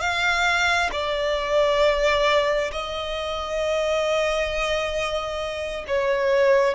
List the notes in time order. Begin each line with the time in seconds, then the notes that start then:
0.00 F5
0.92 D5
2.72 D#5
5.87 C#5